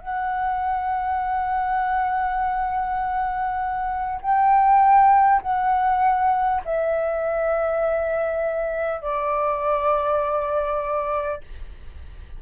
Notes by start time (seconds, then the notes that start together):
0.00 F#5
4.21 G5
5.42 F#5
6.64 E5
9.01 D5